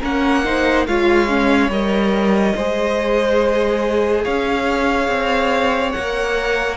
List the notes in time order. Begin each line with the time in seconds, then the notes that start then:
0.00 A#3 C#4 A#4 F#5
0.45 D#4 C5
0.86 G#3 F4 C#5 F5
1.28 C#4
1.68 G3 A#4 D#5
2.56 G#3 G#4 C5
4.24 C#4 C#5 F5
5.08 C4
5.92 A#3 A#4 F#5